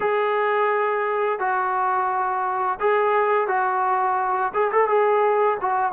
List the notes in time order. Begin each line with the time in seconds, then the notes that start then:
0.00 G#4
1.39 F#4
2.80 G#4
3.47 F#4
4.53 G#4
4.72 A4
4.87 G#4
5.61 F#4